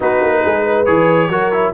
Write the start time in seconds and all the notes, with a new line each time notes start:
0.00 B3 D#4 F#4 B4
0.21 A#3
0.44 G#3 G#4
0.66 B4
0.85 E3 G#4 C#5
1.29 F#3 F#4 A#4
1.52 E4